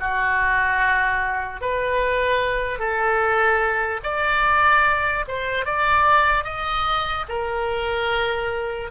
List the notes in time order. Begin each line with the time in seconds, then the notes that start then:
0.00 F#4
1.61 B4
2.79 A4
4.03 D5
5.28 C5
5.65 D5
6.44 D#5
7.29 A#4